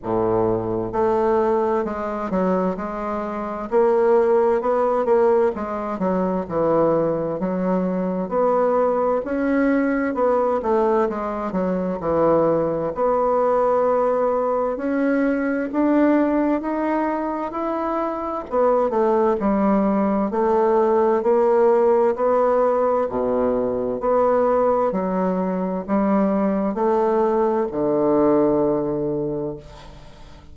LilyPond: \new Staff \with { instrumentName = "bassoon" } { \time 4/4 \tempo 4 = 65 a,4 a4 gis8 fis8 gis4 | ais4 b8 ais8 gis8 fis8 e4 | fis4 b4 cis'4 b8 a8 | gis8 fis8 e4 b2 |
cis'4 d'4 dis'4 e'4 | b8 a8 g4 a4 ais4 | b4 b,4 b4 fis4 | g4 a4 d2 | }